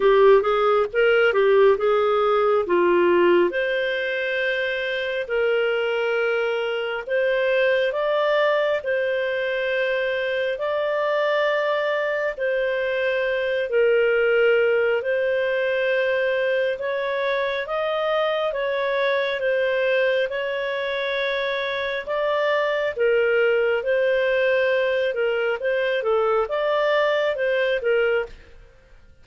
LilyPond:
\new Staff \with { instrumentName = "clarinet" } { \time 4/4 \tempo 4 = 68 g'8 gis'8 ais'8 g'8 gis'4 f'4 | c''2 ais'2 | c''4 d''4 c''2 | d''2 c''4. ais'8~ |
ais'4 c''2 cis''4 | dis''4 cis''4 c''4 cis''4~ | cis''4 d''4 ais'4 c''4~ | c''8 ais'8 c''8 a'8 d''4 c''8 ais'8 | }